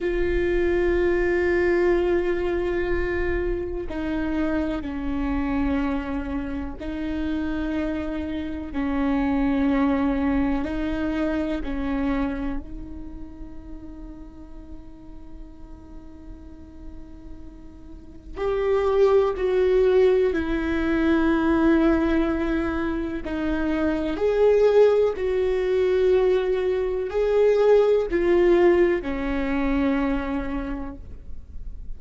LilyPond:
\new Staff \with { instrumentName = "viola" } { \time 4/4 \tempo 4 = 62 f'1 | dis'4 cis'2 dis'4~ | dis'4 cis'2 dis'4 | cis'4 dis'2.~ |
dis'2. g'4 | fis'4 e'2. | dis'4 gis'4 fis'2 | gis'4 f'4 cis'2 | }